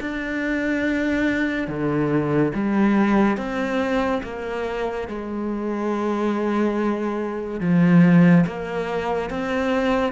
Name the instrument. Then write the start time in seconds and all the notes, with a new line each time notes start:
cello
0.00 D4
1.67 D3
2.54 G3
3.37 C4
4.23 A#3
5.07 G#3
7.60 F3
8.46 A#3
9.30 C4